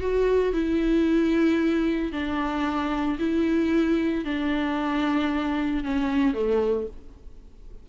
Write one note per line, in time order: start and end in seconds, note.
0.00 0.53 F#4
0.53 2.12 E4
2.12 3.18 D4
3.19 4.25 E4
4.25 5.83 D4
5.83 6.34 C#4
6.34 6.87 A3